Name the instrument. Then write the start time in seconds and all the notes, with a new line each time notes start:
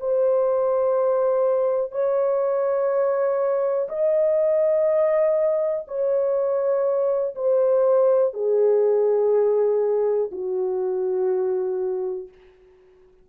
horn
0.00 C5
1.92 C#5
3.89 D#5
5.87 C#5
7.35 C5
8.34 G#4
10.32 F#4